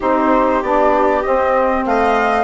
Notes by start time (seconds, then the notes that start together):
0.00 C4 D#4 G4 C5
0.62 B3 D4 D5
1.22 C4 D#5
1.85 A3 D#5 F5